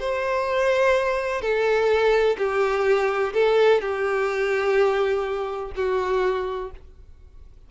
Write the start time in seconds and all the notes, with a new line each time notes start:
0.00 C5
1.42 A4
2.38 G4
3.34 A4
3.82 G4
5.76 F#4